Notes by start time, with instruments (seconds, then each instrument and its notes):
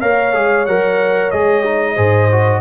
0.00 tuba A#3, trombone A#4, horn C#5, trumpet F5
0.34 tuba G#3, trombone G#4
0.66 tuba F#3, trombone A#4, trumpet F#5
1.31 tuba G#3, trombone G#4, trumpet D#5
1.65 trombone D#4
1.95 tuba G#2, trombone G#4, horn C5
2.32 trombone F#4